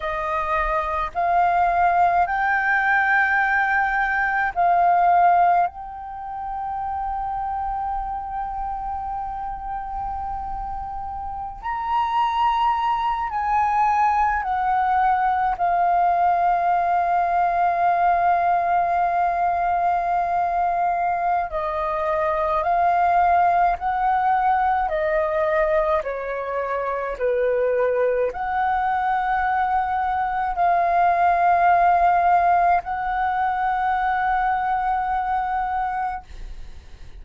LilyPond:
\new Staff \with { instrumentName = "flute" } { \time 4/4 \tempo 4 = 53 dis''4 f''4 g''2 | f''4 g''2.~ | g''2~ g''16 ais''4. gis''16~ | gis''8. fis''4 f''2~ f''16~ |
f''2. dis''4 | f''4 fis''4 dis''4 cis''4 | b'4 fis''2 f''4~ | f''4 fis''2. | }